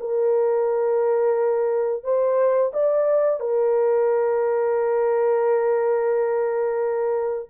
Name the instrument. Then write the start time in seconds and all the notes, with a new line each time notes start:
horn
0.00 A#4
2.04 C5
2.73 D5
3.40 A#4